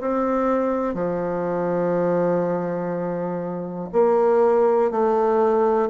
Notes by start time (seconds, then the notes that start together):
0.00 C4
0.94 F3
3.93 A#3
4.90 A3